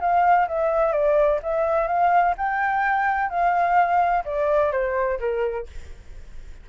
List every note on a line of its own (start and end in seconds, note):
0.00 0.47 F5
0.47 0.92 E5
0.92 1.39 D5
1.42 1.87 E5
1.87 2.34 F5
2.37 3.29 G5
3.29 4.24 F5
4.25 4.72 D5
4.72 5.19 C5
5.19 5.66 A#4